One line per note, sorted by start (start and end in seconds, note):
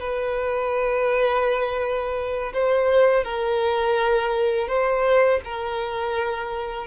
0.00 2.53 B4
2.53 3.24 C5
3.24 4.68 A#4
4.68 5.40 C5
5.44 6.86 A#4